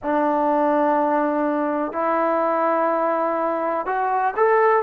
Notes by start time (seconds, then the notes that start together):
0.02 D4
1.92 E4
3.86 F#4
4.36 A4